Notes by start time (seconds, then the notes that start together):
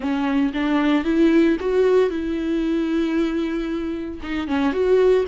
0.00 C#4
0.53 D4
1.04 E4
1.60 F#4
2.10 E4
4.22 D#4
4.47 C#4
4.72 F#4